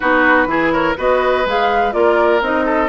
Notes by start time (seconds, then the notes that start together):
0.00 B3 D#4 F#4 B4
0.46 E3 E4 G#4
0.71 A#4 C#5
0.96 B3 F#4 B4 D#5
1.45 G#3 G#4 F5
1.91 A#3 F4 A#4 D5
2.41 C4 D#4 D#5
2.65 A4